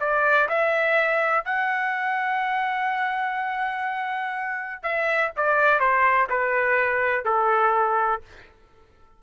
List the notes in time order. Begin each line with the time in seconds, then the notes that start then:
0.00 D5
0.49 E5
1.45 F#5
4.83 E5
5.37 D5
5.80 C5
6.30 B4
7.25 A4